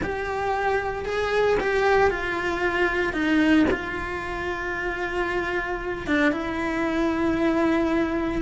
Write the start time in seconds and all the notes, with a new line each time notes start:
0.03 G4
1.05 G#4
1.60 G4
2.10 F4
3.13 D#4
3.70 F4
6.06 D4
6.32 E4